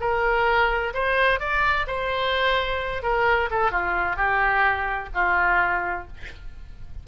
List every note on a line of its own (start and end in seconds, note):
0.00 0.93 A#4
0.93 1.39 C5
1.39 1.86 D5
1.86 3.02 C5
3.02 3.49 A#4
3.50 3.71 A4
3.71 4.16 F4
4.16 5.09 G4
5.14 6.07 F4